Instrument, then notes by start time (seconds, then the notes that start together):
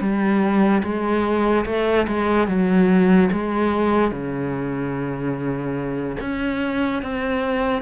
cello
0.00 G3
0.83 G#3
1.66 A3
2.07 G#3
2.48 F#3
3.32 G#3
4.11 C#3
6.20 C#4
7.02 C4